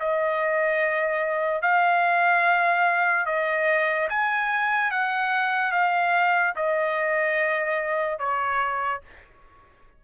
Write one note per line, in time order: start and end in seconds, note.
0.00 1.62 D#5
1.62 3.26 F5
3.26 4.08 D#5
4.09 4.91 G#5
4.91 5.72 F#5
5.72 6.54 F5
6.56 8.20 D#5
8.20 9.02 C#5